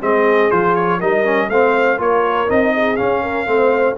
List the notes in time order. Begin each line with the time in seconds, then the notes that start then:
0.00 G#3 C4 G#4 D#5
0.50 F3 F4 C5
0.75 C#5
0.99 G3 D#4 A#4 D#5
1.24 C#4
1.49 A3 C4 C5 F5
1.98 A#3 F4 A#4 C#5
2.47 C4 D#4 D#5
2.74 G#4
2.96 C#4 F5
3.22 A#4
3.46 A3 C4 C5